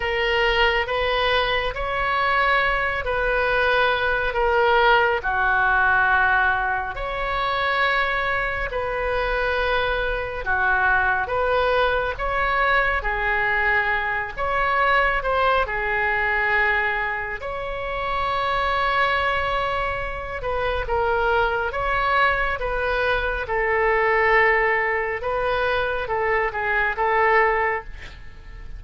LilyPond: \new Staff \with { instrumentName = "oboe" } { \time 4/4 \tempo 4 = 69 ais'4 b'4 cis''4. b'8~ | b'4 ais'4 fis'2 | cis''2 b'2 | fis'4 b'4 cis''4 gis'4~ |
gis'8 cis''4 c''8 gis'2 | cis''2.~ cis''8 b'8 | ais'4 cis''4 b'4 a'4~ | a'4 b'4 a'8 gis'8 a'4 | }